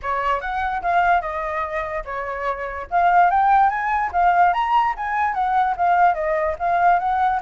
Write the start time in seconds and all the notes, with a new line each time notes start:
0.02 C#5
0.40 F#5
0.82 F5
1.21 D#5
2.05 C#5
2.90 F5
3.30 G5
3.69 G#5
4.12 F5
4.53 A#5
4.96 G#5
5.34 F#5
5.76 F5
6.14 D#5
6.58 F5
6.99 F#5